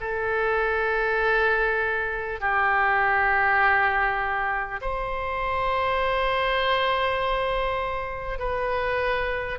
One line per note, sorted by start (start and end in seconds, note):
0.00 2.40 A4
2.40 4.80 G4
4.81 8.38 C5
8.38 9.58 B4